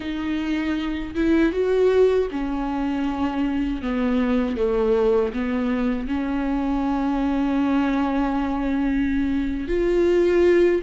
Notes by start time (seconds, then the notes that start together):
0.00 D#4
1.15 E4
1.52 F#4
2.31 C#4
3.82 B3
4.56 A3
5.33 B3
6.07 C#4
9.67 F4